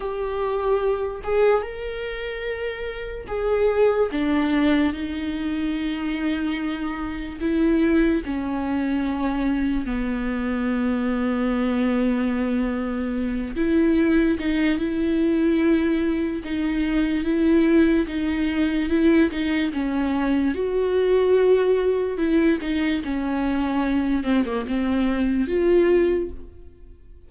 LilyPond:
\new Staff \with { instrumentName = "viola" } { \time 4/4 \tempo 4 = 73 g'4. gis'8 ais'2 | gis'4 d'4 dis'2~ | dis'4 e'4 cis'2 | b1~ |
b8 e'4 dis'8 e'2 | dis'4 e'4 dis'4 e'8 dis'8 | cis'4 fis'2 e'8 dis'8 | cis'4. c'16 ais16 c'4 f'4 | }